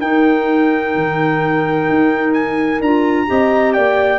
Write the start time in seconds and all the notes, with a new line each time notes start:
0.00 D#4 A#4 G5
0.95 D#3
1.89 D#4
2.33 G#5
2.80 D4 F4 A#5
3.27 C4 G4 D#5
3.73 A#3 D5 G5